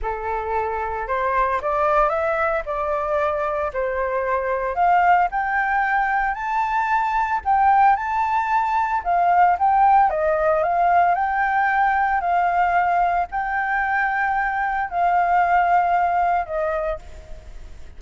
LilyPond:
\new Staff \with { instrumentName = "flute" } { \time 4/4 \tempo 4 = 113 a'2 c''4 d''4 | e''4 d''2 c''4~ | c''4 f''4 g''2 | a''2 g''4 a''4~ |
a''4 f''4 g''4 dis''4 | f''4 g''2 f''4~ | f''4 g''2. | f''2. dis''4 | }